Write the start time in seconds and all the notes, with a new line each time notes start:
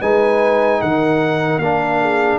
0.00 G#3 D#4 B4 G#5
0.80 D#3 A#4 F#5
1.57 A#3 D4 F5
2.01 G#4